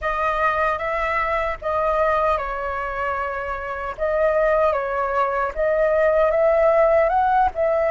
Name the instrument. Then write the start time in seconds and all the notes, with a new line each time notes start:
flute
0.01 D#5
0.78 E5
1.61 D#5
2.37 C#5
3.97 D#5
4.73 C#5
5.54 D#5
6.31 E5
7.09 F#5
7.54 E5